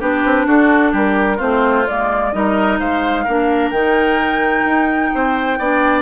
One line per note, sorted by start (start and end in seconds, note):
0.00 0.24 B3
0.00 1.38 D4
0.00 0.46 G4
0.00 0.47 B4
0.24 0.46 C4
0.46 0.93 D4
0.46 0.92 F#4
0.46 0.94 A4
0.92 1.39 G3
0.92 1.37 G4
0.92 1.40 A#4
1.37 1.88 A3
1.37 1.85 C4
1.37 2.30 F4
1.37 1.87 C5
1.87 2.34 G#3
1.87 2.33 A#3
1.87 2.32 D5
2.32 2.80 G3
2.32 3.26 D#4
2.32 2.79 A#4
2.32 2.79 D#5
2.79 3.26 G#3
2.79 3.24 C5
2.79 3.71 F5
3.24 3.72 A#3
3.24 3.74 D4
3.24 5.10 A#4
3.71 4.65 D#3
3.71 5.60 D#4
3.71 6.02 G5
4.65 5.11 D#4
5.14 5.59 C4
5.14 5.58 C5
5.58 6.02 B3
5.58 6.02 D4
5.58 6.02 D5